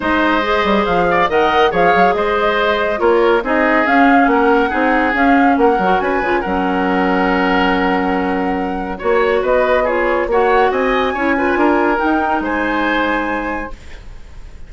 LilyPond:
<<
  \new Staff \with { instrumentName = "flute" } { \time 4/4 \tempo 4 = 140 dis''2 f''4 fis''4 | f''4 dis''2 cis''4 | dis''4 f''4 fis''2 | f''4 fis''4 gis''4 fis''4~ |
fis''1~ | fis''4 cis''4 dis''4 cis''4 | fis''4 gis''2. | g''4 gis''2. | }
  \new Staff \with { instrumentName = "oboe" } { \time 4/4 c''2~ c''8 d''8 dis''4 | cis''4 c''2 ais'4 | gis'2 ais'4 gis'4~ | gis'4 ais'4 b'4 ais'4~ |
ais'1~ | ais'4 cis''4 b'4 gis'4 | cis''4 dis''4 cis''8 b'8 ais'4~ | ais'4 c''2. | }
  \new Staff \with { instrumentName = "clarinet" } { \time 4/4 dis'4 gis'2 ais'4 | gis'2. f'4 | dis'4 cis'2 dis'4 | cis'4. fis'4 f'8 cis'4~ |
cis'1~ | cis'4 fis'2 f'4 | fis'2 e'8 f'4. | dis'1 | }
  \new Staff \with { instrumentName = "bassoon" } { \time 4/4 gis4. g8 f4 dis4 | f8 fis8 gis2 ais4 | c'4 cis'4 ais4 c'4 | cis'4 ais8 fis8 cis'8 cis8 fis4~ |
fis1~ | fis4 ais4 b2 | ais4 c'4 cis'4 d'4 | dis'4 gis2. | }
>>